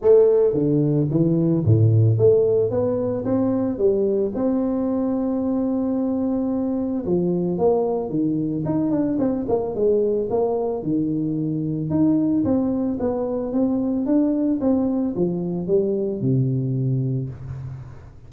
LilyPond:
\new Staff \with { instrumentName = "tuba" } { \time 4/4 \tempo 4 = 111 a4 d4 e4 a,4 | a4 b4 c'4 g4 | c'1~ | c'4 f4 ais4 dis4 |
dis'8 d'8 c'8 ais8 gis4 ais4 | dis2 dis'4 c'4 | b4 c'4 d'4 c'4 | f4 g4 c2 | }